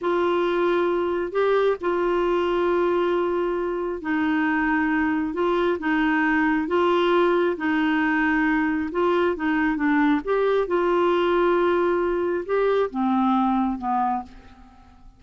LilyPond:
\new Staff \with { instrumentName = "clarinet" } { \time 4/4 \tempo 4 = 135 f'2. g'4 | f'1~ | f'4 dis'2. | f'4 dis'2 f'4~ |
f'4 dis'2. | f'4 dis'4 d'4 g'4 | f'1 | g'4 c'2 b4 | }